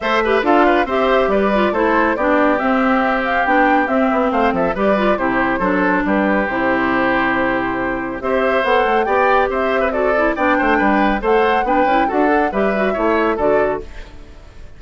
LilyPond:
<<
  \new Staff \with { instrumentName = "flute" } { \time 4/4 \tempo 4 = 139 e''4 f''4 e''4 d''4 | c''4 d''4 e''4. f''8 | g''4 e''4 f''8 e''8 d''4 | c''2 b'4 c''4~ |
c''2. e''4 | fis''4 g''4 e''4 d''4 | g''2 fis''4 g''4 | fis''4 e''2 d''4 | }
  \new Staff \with { instrumentName = "oboe" } { \time 4/4 c''8 b'8 a'8 b'8 c''4 b'4 | a'4 g'2.~ | g'2 c''8 a'8 b'4 | g'4 a'4 g'2~ |
g'2. c''4~ | c''4 d''4 c''8. b'16 a'4 | d''8 c''8 b'4 c''4 b'4 | a'4 b'4 cis''4 a'4 | }
  \new Staff \with { instrumentName = "clarinet" } { \time 4/4 a'8 g'8 f'4 g'4. f'8 | e'4 d'4 c'2 | d'4 c'2 g'8 f'8 | e'4 d'2 e'4~ |
e'2. g'4 | a'4 g'2 fis'8 e'8 | d'2 a'4 d'8 e'8 | fis'8 a'8 g'8 fis'8 e'4 fis'4 | }
  \new Staff \with { instrumentName = "bassoon" } { \time 4/4 a4 d'4 c'4 g4 | a4 b4 c'2 | b4 c'8 b8 a8 f8 g4 | c4 fis4 g4 c4~ |
c2. c'4 | b8 a8 b4 c'2 | b8 a8 g4 a4 b8 cis'8 | d'4 g4 a4 d4 | }
>>